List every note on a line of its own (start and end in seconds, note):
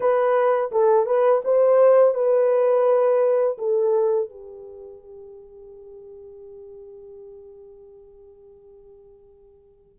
0.00 0.70 B4
0.71 1.06 A4
1.06 1.41 B4
1.44 2.14 C5
2.14 3.57 B4
3.58 4.29 A4
4.29 9.99 G4